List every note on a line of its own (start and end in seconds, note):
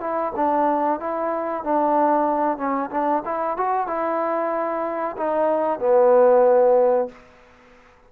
0.00 0.32 E4
0.35 1.00 D4
1.00 1.64 E4
1.64 2.57 D4
2.57 2.89 C#4
2.91 3.23 D4
3.25 3.57 E4
3.57 3.87 F#4
3.87 5.16 E4
5.17 5.79 D#4
5.79 7.08 B3